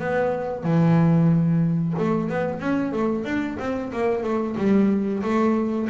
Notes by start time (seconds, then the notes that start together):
0.00 B3
0.64 E3
1.99 A3
2.30 B3
2.60 C#4
2.92 A3
3.25 D4
3.60 C4
3.93 A#3
4.24 A3
4.58 G3
5.24 A3